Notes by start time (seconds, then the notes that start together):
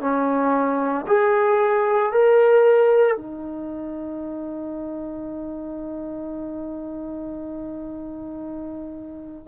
0.00 C#4
1.07 G#4
2.12 A#4
3.16 D#4